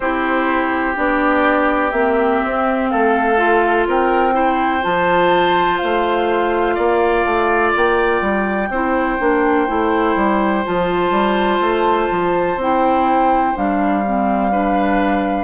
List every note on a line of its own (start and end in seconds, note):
0.00 0.96 C4
0.00 0.95 E4
0.00 2.90 G4
0.00 0.96 C5
0.95 1.92 B3
0.95 1.92 D4
0.95 1.91 D5
1.91 2.40 A#3
1.91 3.36 C4
1.91 2.88 E5
2.45 2.93 C4
2.89 3.86 A3
2.89 3.87 A4
2.89 3.85 F5
3.36 4.32 F4
3.86 4.83 C4
3.86 4.34 A#4
3.86 4.83 G5
4.32 4.80 E4
4.32 6.75 C5
4.81 5.81 F3
4.81 8.68 F4
4.81 5.77 A5
5.77 6.77 A3
5.77 7.71 F5
6.75 7.25 A#3
6.75 8.68 D5
7.25 7.73 A3
7.75 8.21 A#3
7.75 10.65 G5
8.21 8.69 G3
8.69 9.18 C4
8.69 9.19 E4
8.69 14.51 C5
9.19 9.68 A#3
9.19 9.67 D4
9.67 10.16 A3
9.67 10.64 E4
10.16 10.64 G3
10.64 11.10 F3
10.64 12.58 F4
10.64 12.59 A5
11.10 11.59 G3
11.60 12.08 A3
12.10 12.56 F3
12.56 13.53 C4
12.56 13.54 E4
12.56 13.56 G5
13.54 15.44 G3
13.54 14.03 D4
13.54 15.44 F5
14.06 14.51 C4
14.51 15.44 D4
14.51 15.44 B4